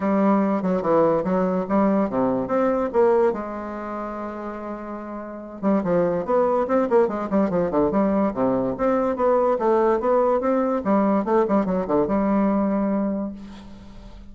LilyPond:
\new Staff \with { instrumentName = "bassoon" } { \time 4/4 \tempo 4 = 144 g4. fis8 e4 fis4 | g4 c4 c'4 ais4 | gis1~ | gis4. g8 f4 b4 |
c'8 ais8 gis8 g8 f8 d8 g4 | c4 c'4 b4 a4 | b4 c'4 g4 a8 g8 | fis8 d8 g2. | }